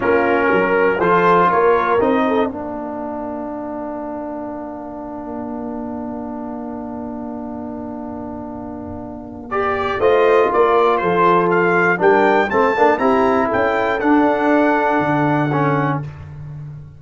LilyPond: <<
  \new Staff \with { instrumentName = "trumpet" } { \time 4/4 \tempo 4 = 120 ais'2 c''4 cis''4 | dis''4 f''2.~ | f''1~ | f''1~ |
f''2. d''4 | dis''4 d''4 c''4 f''4 | g''4 a''4 ais''4 g''4 | fis''1 | }
  \new Staff \with { instrumentName = "horn" } { \time 4/4 f'4 ais'4 a'4 ais'4~ | ais'8 a'8 ais'2.~ | ais'1~ | ais'1~ |
ais'1 | c''4 ais'4 a'2 | ais'4 a'4 g'4 a'4~ | a'1 | }
  \new Staff \with { instrumentName = "trombone" } { \time 4/4 cis'2 f'2 | dis'4 d'2.~ | d'1~ | d'1~ |
d'2. g'4 | f'1 | d'4 c'8 d'8 e'2 | d'2. cis'4 | }
  \new Staff \with { instrumentName = "tuba" } { \time 4/4 ais4 fis4 f4 ais4 | c'4 ais2.~ | ais1~ | ais1~ |
ais1 | a4 ais4 f2 | g4 a8 ais8 c'4 cis'4 | d'2 d2 | }
>>